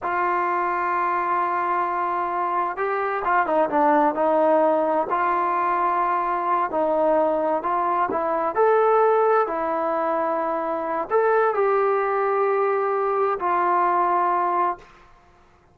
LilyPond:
\new Staff \with { instrumentName = "trombone" } { \time 4/4 \tempo 4 = 130 f'1~ | f'2 g'4 f'8 dis'8 | d'4 dis'2 f'4~ | f'2~ f'8 dis'4.~ |
dis'8 f'4 e'4 a'4.~ | a'8 e'2.~ e'8 | a'4 g'2.~ | g'4 f'2. | }